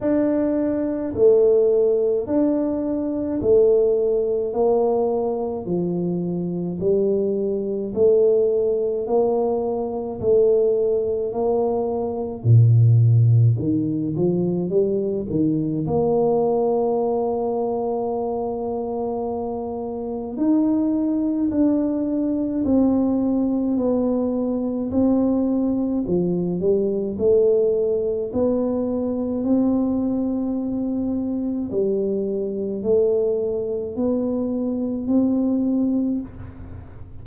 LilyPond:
\new Staff \with { instrumentName = "tuba" } { \time 4/4 \tempo 4 = 53 d'4 a4 d'4 a4 | ais4 f4 g4 a4 | ais4 a4 ais4 ais,4 | dis8 f8 g8 dis8 ais2~ |
ais2 dis'4 d'4 | c'4 b4 c'4 f8 g8 | a4 b4 c'2 | g4 a4 b4 c'4 | }